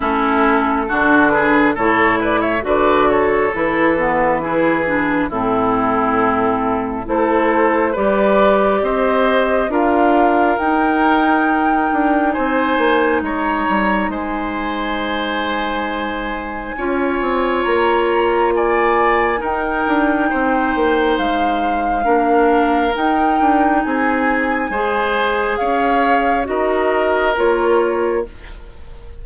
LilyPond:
<<
  \new Staff \with { instrumentName = "flute" } { \time 4/4 \tempo 4 = 68 a'4. b'8 cis''8 d''16 e''16 d''8 cis''8 | b'2 a'2 | c''4 d''4 dis''4 f''4 | g''2 gis''4 ais''4 |
gis''1 | ais''4 gis''4 g''2 | f''2 g''4 gis''4~ | gis''4 f''4 dis''4 cis''4 | }
  \new Staff \with { instrumentName = "oboe" } { \time 4/4 e'4 fis'8 gis'8 a'8 b'16 cis''16 b'8 a'8~ | a'4 gis'4 e'2 | a'4 b'4 c''4 ais'4~ | ais'2 c''4 cis''4 |
c''2. cis''4~ | cis''4 d''4 ais'4 c''4~ | c''4 ais'2 gis'4 | c''4 cis''4 ais'2 | }
  \new Staff \with { instrumentName = "clarinet" } { \time 4/4 cis'4 d'4 e'4 fis'4 | e'8 b8 e'8 d'8 c'2 | e'4 g'2 f'4 | dis'1~ |
dis'2. f'4~ | f'2 dis'2~ | dis'4 d'4 dis'2 | gis'2 fis'4 f'4 | }
  \new Staff \with { instrumentName = "bassoon" } { \time 4/4 a4 d4 a,4 d4 | e2 a,2 | a4 g4 c'4 d'4 | dis'4. d'8 c'8 ais8 gis8 g8 |
gis2. cis'8 c'8 | ais2 dis'8 d'8 c'8 ais8 | gis4 ais4 dis'8 d'8 c'4 | gis4 cis'4 dis'4 ais4 | }
>>